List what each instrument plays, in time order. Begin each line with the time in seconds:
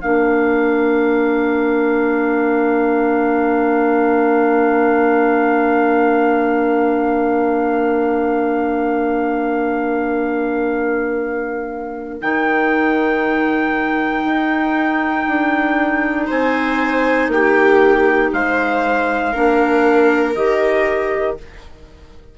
0.00 bassoon A#3, clarinet D4, viola A#4, trumpet F5
12.21 bassoon D#3, clarinet D#4, trumpet G5
14.24 bassoon D#4
15.27 bassoon D4
16.27 bassoon C4, viola C5, trumpet G#5
17.28 bassoon A#3, viola G4, trumpet G5
18.32 bassoon G#3, viola C5, trumpet F5
19.32 bassoon A#3, clarinet D4, viola A#4
20.35 bassoon D#3, clarinet G4, trumpet D#5